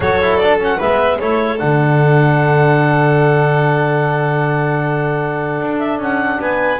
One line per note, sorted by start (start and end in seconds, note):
0.00 0.77 F#3
0.00 0.21 F#4
0.00 0.77 A4
0.00 0.37 C#5
0.22 0.42 E4
0.37 0.57 D5
0.43 0.59 D4
0.59 0.79 C#4
0.59 0.80 F#5
0.77 1.21 G#3
0.77 1.20 B3
0.77 1.17 B4
0.77 1.19 E5
1.19 1.61 A3
1.19 1.58 E4
1.19 6.39 A4
1.19 1.58 C#5
1.58 5.61 D3
1.58 6.78 D4
1.58 5.78 F#5
5.61 5.98 D4
5.78 5.98 E5
5.98 6.38 C#4
5.98 6.41 F#5
6.40 6.80 B3
6.40 6.80 B4
6.40 6.80 G#5